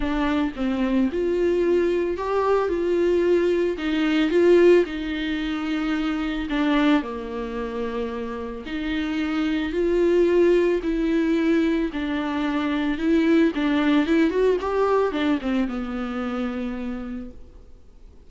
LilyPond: \new Staff \with { instrumentName = "viola" } { \time 4/4 \tempo 4 = 111 d'4 c'4 f'2 | g'4 f'2 dis'4 | f'4 dis'2. | d'4 ais2. |
dis'2 f'2 | e'2 d'2 | e'4 d'4 e'8 fis'8 g'4 | d'8 c'8 b2. | }